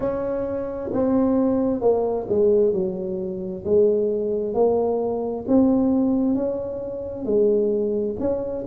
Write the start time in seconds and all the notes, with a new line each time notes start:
0.00 C#4
0.93 C4
1.81 A#3
2.29 G#3
2.73 F#3
3.64 G#3
4.54 A#3
5.47 C4
6.34 C#4
7.25 G#3
8.19 C#4